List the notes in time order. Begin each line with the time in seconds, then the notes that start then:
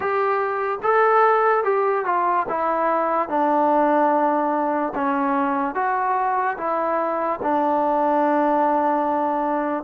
0.00 G4
0.82 A4
1.64 G4
2.05 F4
2.48 E4
3.28 D4
4.95 C#4
5.74 F#4
6.57 E4
7.42 D4